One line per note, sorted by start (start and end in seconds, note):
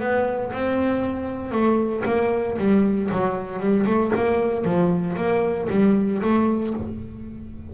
0.00 0.52 B3
0.53 1.51 C4
1.51 2.03 A3
2.06 2.57 A#3
2.58 3.10 G3
3.12 3.59 F#3
3.59 3.85 G3
3.86 4.12 A3
4.15 4.65 A#3
4.65 5.16 F3
5.17 5.68 A#3
5.70 6.22 G3
6.22 6.74 A3